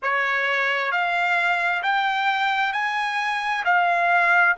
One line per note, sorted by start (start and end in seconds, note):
0.02 0.91 C#5
0.91 1.82 F5
1.83 2.73 G5
2.73 3.64 G#5
3.64 4.55 F5